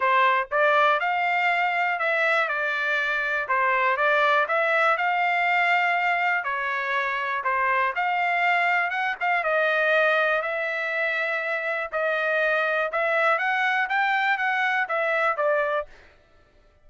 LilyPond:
\new Staff \with { instrumentName = "trumpet" } { \time 4/4 \tempo 4 = 121 c''4 d''4 f''2 | e''4 d''2 c''4 | d''4 e''4 f''2~ | f''4 cis''2 c''4 |
f''2 fis''8 f''8 dis''4~ | dis''4 e''2. | dis''2 e''4 fis''4 | g''4 fis''4 e''4 d''4 | }